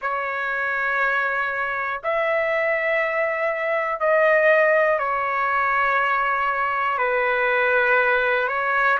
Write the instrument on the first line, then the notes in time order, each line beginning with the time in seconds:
trumpet
0.01 C#5
2.03 E5
4.00 D#5
4.99 C#5
6.98 B4
8.47 C#5